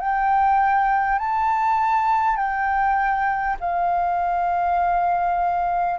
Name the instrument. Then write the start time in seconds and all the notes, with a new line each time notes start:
flute
0.00 G5
1.18 A5
2.36 G5
3.60 F5